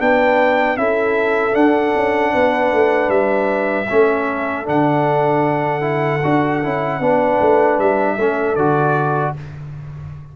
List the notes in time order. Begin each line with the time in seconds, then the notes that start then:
0.00 B3 D4 B4 G5
0.77 C#4 E4 A4 E5
1.52 D4 F#5
1.96 C#4
2.33 B3 B4
2.73 A3
3.09 G3 E5
3.90 A3 C#4 A4
4.65 D3 D4 F#5
5.81 E4
6.24 D4 F#4
6.63 C#4 E4
7.00 B3 D4 B4
7.41 A3
7.79 G3 E5
8.16 A3 C#4 A4
8.56 D3 F#4 D5